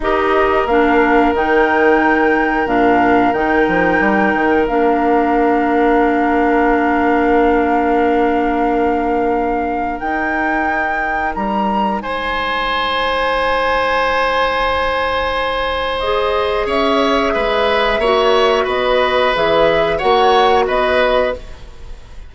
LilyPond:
<<
  \new Staff \with { instrumentName = "flute" } { \time 4/4 \tempo 4 = 90 dis''4 f''4 g''2 | f''4 g''2 f''4~ | f''1~ | f''2. g''4~ |
g''4 ais''4 gis''2~ | gis''1 | dis''4 e''2. | dis''4 e''4 fis''4 dis''4 | }
  \new Staff \with { instrumentName = "oboe" } { \time 4/4 ais'1~ | ais'1~ | ais'1~ | ais'1~ |
ais'2 c''2~ | c''1~ | c''4 cis''4 b'4 cis''4 | b'2 cis''4 b'4 | }
  \new Staff \with { instrumentName = "clarinet" } { \time 4/4 g'4 d'4 dis'2 | d'4 dis'2 d'4~ | d'1~ | d'2. dis'4~ |
dis'1~ | dis'1 | gis'2. fis'4~ | fis'4 gis'4 fis'2 | }
  \new Staff \with { instrumentName = "bassoon" } { \time 4/4 dis'4 ais4 dis2 | ais,4 dis8 f8 g8 dis8 ais4~ | ais1~ | ais2. dis'4~ |
dis'4 g4 gis2~ | gis1~ | gis4 cis'4 gis4 ais4 | b4 e4 ais4 b4 | }
>>